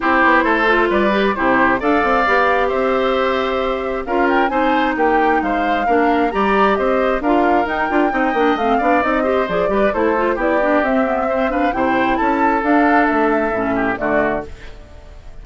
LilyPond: <<
  \new Staff \with { instrumentName = "flute" } { \time 4/4 \tempo 4 = 133 c''2 d''4 c''4 | f''2 e''2~ | e''4 f''8 g''8 gis''4 g''4 | f''2 ais''4 dis''4 |
f''4 g''2 f''4 | dis''4 d''4 c''4 d''4 | e''4. f''8 g''4 a''4 | f''4 e''2 d''4 | }
  \new Staff \with { instrumentName = "oboe" } { \time 4/4 g'4 a'4 b'4 g'4 | d''2 c''2~ | c''4 ais'4 c''4 g'4 | c''4 ais'4 d''4 c''4 |
ais'2 dis''4. d''8~ | d''8 c''4 b'8 a'4 g'4~ | g'4 c''8 b'8 c''4 a'4~ | a'2~ a'8 g'8 fis'4 | }
  \new Staff \with { instrumentName = "clarinet" } { \time 4/4 e'4. f'4 g'8 e'4 | a'4 g'2.~ | g'4 f'4 dis'2~ | dis'4 d'4 g'2 |
f'4 dis'8 f'8 dis'8 d'8 c'8 d'8 | dis'8 g'8 gis'8 g'8 e'8 f'8 e'8 d'8 | c'8 b8 c'8 d'8 e'2 | d'2 cis'4 a4 | }
  \new Staff \with { instrumentName = "bassoon" } { \time 4/4 c'8 b8 a4 g4 c4 | d'8 c'8 b4 c'2~ | c'4 cis'4 c'4 ais4 | gis4 ais4 g4 c'4 |
d'4 dis'8 d'8 c'8 ais8 a8 b8 | c'4 f8 g8 a4 b4 | c'2 c4 cis'4 | d'4 a4 a,4 d4 | }
>>